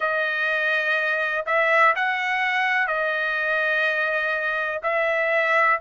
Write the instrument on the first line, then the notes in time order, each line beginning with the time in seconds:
trumpet
0.00 D#5
1.46 E5
1.95 F#5
2.87 D#5
4.82 E5